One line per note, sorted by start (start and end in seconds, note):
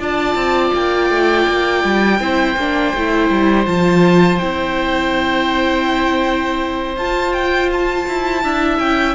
0.00 0.36 D4
0.00 2.20 F4
0.00 2.20 D5
0.00 0.75 A5
0.36 0.72 C4
0.74 1.11 A#3
0.74 3.67 G5
1.11 1.47 A3
1.48 1.84 A#3
1.84 2.20 G3
2.20 2.57 C4
2.20 2.57 E4
2.20 8.43 C5
2.57 2.94 A#3
2.57 2.96 D4
2.95 3.30 A3
2.95 3.67 E4
3.30 3.67 G3
3.67 4.40 F3
3.67 4.40 F4
3.67 4.39 A5
4.39 6.97 C4
4.39 6.97 E4
4.39 6.95 G5
6.97 8.07 F4
6.97 8.44 F4
6.97 7.34 A5
7.34 7.70 G5
7.73 8.79 A5
8.08 8.44 E4
8.44 8.79 D4
8.44 9.15 E4
8.44 9.15 E5
8.79 9.15 C#4
8.79 9.15 G5